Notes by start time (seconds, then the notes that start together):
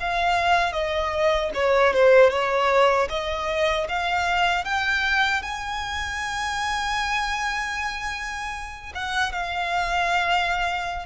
0.00 F5
0.73 D#5
1.54 C#5
1.94 C5
2.31 C#5
3.10 D#5
3.89 F5
4.65 G5
5.42 G#5
8.95 F#5
9.32 F5